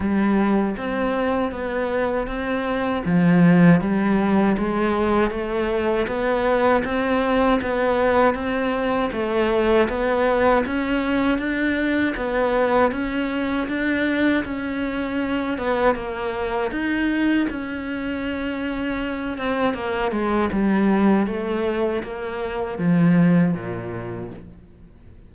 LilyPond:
\new Staff \with { instrumentName = "cello" } { \time 4/4 \tempo 4 = 79 g4 c'4 b4 c'4 | f4 g4 gis4 a4 | b4 c'4 b4 c'4 | a4 b4 cis'4 d'4 |
b4 cis'4 d'4 cis'4~ | cis'8 b8 ais4 dis'4 cis'4~ | cis'4. c'8 ais8 gis8 g4 | a4 ais4 f4 ais,4 | }